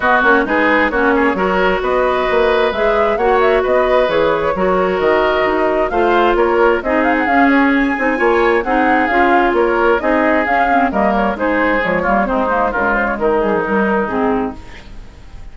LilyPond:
<<
  \new Staff \with { instrumentName = "flute" } { \time 4/4 \tempo 4 = 132 dis''8 cis''8 b'4 cis''2 | dis''2 e''4 fis''8 e''8 | dis''4 cis''2 dis''4~ | dis''4 f''4 cis''4 dis''8 f''16 fis''16 |
f''8 cis''8 gis''2 fis''4 | f''4 cis''4 dis''4 f''4 | dis''8 cis''8 c''4 cis''4 c''4 | ais'8 c''16 cis''16 ais'8 gis'8 ais'4 gis'4 | }
  \new Staff \with { instrumentName = "oboe" } { \time 4/4 fis'4 gis'4 fis'8 gis'8 ais'4 | b'2. cis''4 | b'2 ais'2~ | ais'4 c''4 ais'4 gis'4~ |
gis'2 cis''4 gis'4~ | gis'4 ais'4 gis'2 | ais'4 gis'4. f'8 dis'4 | f'4 dis'2. | }
  \new Staff \with { instrumentName = "clarinet" } { \time 4/4 b8 cis'8 dis'4 cis'4 fis'4~ | fis'2 gis'4 fis'4~ | fis'4 gis'4 fis'2~ | fis'4 f'2 dis'4 |
cis'4. dis'8 f'4 dis'4 | f'2 dis'4 cis'8 c'8 | ais4 dis'4 gis8 ais8 c'8 ais8 | gis4. g16 f16 g4 c'4 | }
  \new Staff \with { instrumentName = "bassoon" } { \time 4/4 b8 ais8 gis4 ais4 fis4 | b4 ais4 gis4 ais4 | b4 e4 fis4 dis4 | dis'4 a4 ais4 c'4 |
cis'4. c'8 ais4 c'4 | cis'4 ais4 c'4 cis'4 | g4 gis4 f8 g8 gis4 | cis4 dis2 gis,4 | }
>>